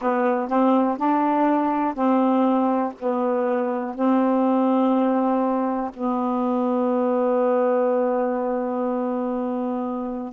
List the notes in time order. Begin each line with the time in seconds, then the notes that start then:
0.00 B3
0.48 C4
0.97 D4
1.94 C4
2.99 B3
3.94 C4
5.93 B3